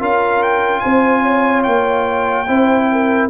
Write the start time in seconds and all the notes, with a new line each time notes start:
0.00 C#4 F4 A#4 F5
0.43 G5
0.80 C4 C5 G#5
1.22 C#5
1.64 A#3 G5
2.48 C4 E4 C5
2.92 A#4